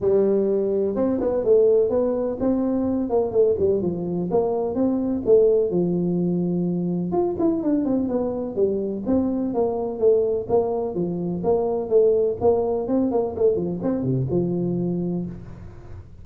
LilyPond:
\new Staff \with { instrumentName = "tuba" } { \time 4/4 \tempo 4 = 126 g2 c'8 b8 a4 | b4 c'4. ais8 a8 g8 | f4 ais4 c'4 a4 | f2. f'8 e'8 |
d'8 c'8 b4 g4 c'4 | ais4 a4 ais4 f4 | ais4 a4 ais4 c'8 ais8 | a8 f8 c'8 c8 f2 | }